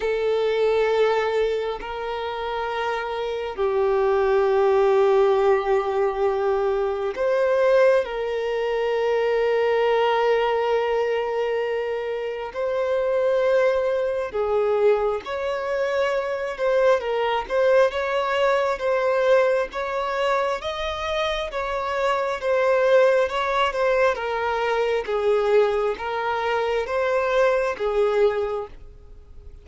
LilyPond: \new Staff \with { instrumentName = "violin" } { \time 4/4 \tempo 4 = 67 a'2 ais'2 | g'1 | c''4 ais'2.~ | ais'2 c''2 |
gis'4 cis''4. c''8 ais'8 c''8 | cis''4 c''4 cis''4 dis''4 | cis''4 c''4 cis''8 c''8 ais'4 | gis'4 ais'4 c''4 gis'4 | }